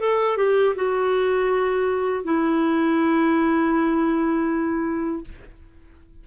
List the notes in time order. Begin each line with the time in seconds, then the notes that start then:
0.00 A4
0.37 G4
0.76 F#4
2.25 E4